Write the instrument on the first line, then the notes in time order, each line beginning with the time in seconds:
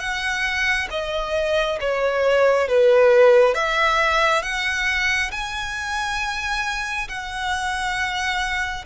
violin
0.00 F#5
0.91 D#5
1.80 C#5
2.68 B4
3.55 E5
4.43 F#5
5.32 G#5
7.09 F#5